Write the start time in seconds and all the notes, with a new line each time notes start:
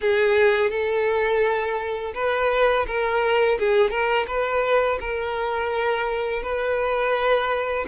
0.01 G#4
0.70 A4
2.14 B4
2.86 A#4
3.59 G#4
3.90 A#4
4.27 B4
5.00 A#4
6.43 B4